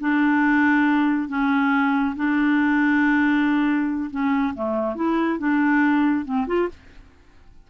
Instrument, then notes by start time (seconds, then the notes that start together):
clarinet
0.00 D4
1.29 C#4
2.16 D4
4.10 C#4
4.54 A3
4.95 E4
5.39 D4
6.25 C4
6.47 F4